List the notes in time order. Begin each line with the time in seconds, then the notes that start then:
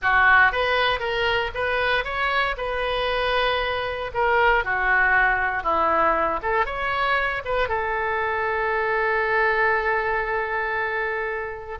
0.02 F#4
0.52 B4
0.99 A#4
1.54 B4
2.04 C#5
2.57 B4
4.14 A#4
4.64 F#4
5.63 E4
6.42 A4
6.65 C#5
7.45 B4
7.68 A4